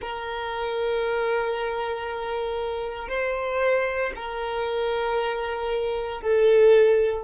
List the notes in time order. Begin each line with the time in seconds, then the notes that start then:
0.00 A#4
3.08 C5
4.15 A#4
6.21 A4